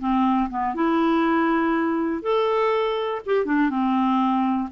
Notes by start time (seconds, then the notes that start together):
0.00 C4
0.50 B3
0.75 E4
2.22 A4
3.26 G4
3.46 D4
3.70 C4